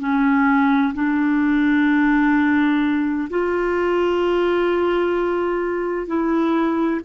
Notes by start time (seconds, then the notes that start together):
0.00 C#4
0.95 D4
3.30 F4
6.07 E4